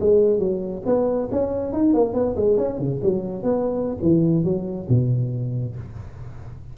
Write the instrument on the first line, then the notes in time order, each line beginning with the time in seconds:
tuba
0.00 G#3
0.39 F#3
0.85 B3
1.31 C#4
1.72 D#4
1.94 A#3
2.14 B3
2.36 G#3
2.57 C#4
2.78 C#3
3.03 F#3
3.43 B3
4.02 E3
4.44 F#3
4.89 B2